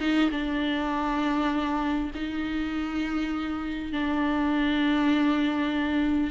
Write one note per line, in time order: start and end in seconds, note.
0.00 0.30 D#4
0.31 2.11 D4
2.15 3.93 D#4
3.93 6.31 D4